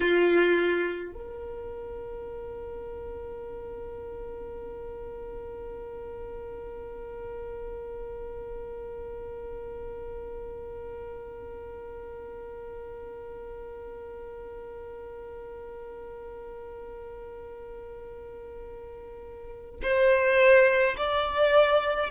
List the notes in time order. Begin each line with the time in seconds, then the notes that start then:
0.00 F4
1.12 A#4
19.82 C5
20.97 D5